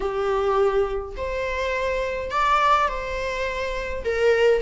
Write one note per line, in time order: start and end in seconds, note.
0.00 1.15 G4
1.16 2.30 C5
2.30 2.88 D5
2.88 4.04 C5
4.04 4.61 A#4